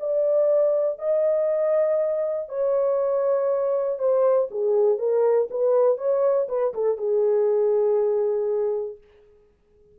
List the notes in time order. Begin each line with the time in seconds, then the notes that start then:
0.00 D5
0.99 D#5
2.49 C#5
3.99 C5
4.51 G#4
4.99 A#4
5.50 B4
5.98 C#5
6.49 B4
6.74 A4
6.98 G#4